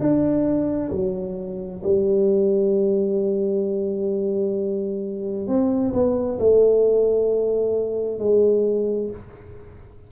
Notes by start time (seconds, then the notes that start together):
0.00 D4
0.92 F#3
1.84 G3
5.48 C4
5.93 B3
6.39 A3
8.19 G#3